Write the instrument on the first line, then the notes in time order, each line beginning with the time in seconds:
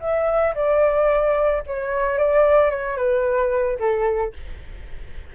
flute
0.00 E5
0.55 D5
1.67 C#5
2.18 D5
2.70 C#5
2.97 B4
3.79 A4